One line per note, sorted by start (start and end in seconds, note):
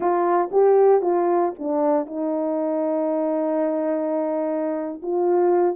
0.00 0.50 F4
0.51 1.01 G4
1.01 1.52 F4
1.59 2.06 D4
2.06 5.01 D#4
5.02 5.76 F4